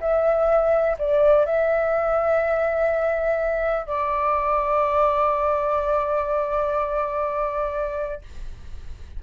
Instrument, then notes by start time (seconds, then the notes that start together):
flute
0.00 E5
0.98 D5
1.45 E5
3.86 D5